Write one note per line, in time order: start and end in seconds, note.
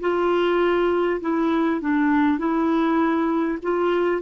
0.00 1.20 F4
1.21 1.80 E4
1.80 2.38 D4
2.38 3.58 E4
3.62 4.21 F4